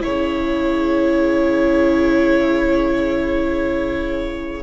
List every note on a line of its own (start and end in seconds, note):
0.00 4.63 C#3
0.00 4.62 E4
0.00 4.63 G#4
0.00 4.63 C#5